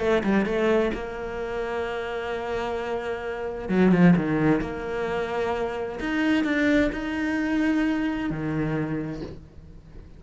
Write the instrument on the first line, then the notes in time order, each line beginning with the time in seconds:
cello
0.00 A3
0.24 G3
0.46 A3
0.94 A#3
3.69 F#3
3.92 F3
4.16 D#3
4.61 A#3
6.00 D#4
6.44 D4
6.93 D#4
8.30 D#3